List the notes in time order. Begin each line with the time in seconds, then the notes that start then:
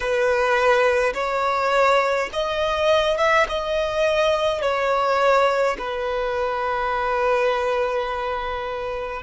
0.00 B4
1.14 C#5
2.32 D#5
3.17 E5
3.49 D#5
4.61 C#5
5.78 B4